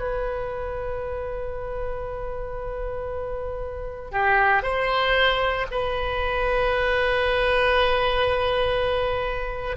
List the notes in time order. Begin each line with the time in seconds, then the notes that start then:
0.00 B4
4.12 G4
4.63 C5
5.71 B4